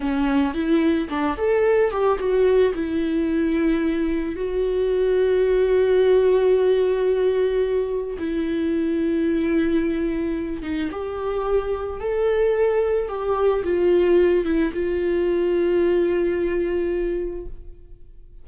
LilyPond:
\new Staff \with { instrumentName = "viola" } { \time 4/4 \tempo 4 = 110 cis'4 e'4 d'8 a'4 g'8 | fis'4 e'2. | fis'1~ | fis'2. e'4~ |
e'2.~ e'8 dis'8 | g'2 a'2 | g'4 f'4. e'8 f'4~ | f'1 | }